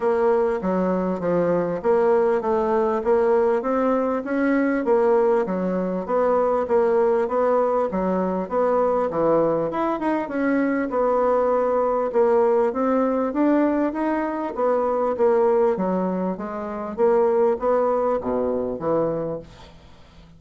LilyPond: \new Staff \with { instrumentName = "bassoon" } { \time 4/4 \tempo 4 = 99 ais4 fis4 f4 ais4 | a4 ais4 c'4 cis'4 | ais4 fis4 b4 ais4 | b4 fis4 b4 e4 |
e'8 dis'8 cis'4 b2 | ais4 c'4 d'4 dis'4 | b4 ais4 fis4 gis4 | ais4 b4 b,4 e4 | }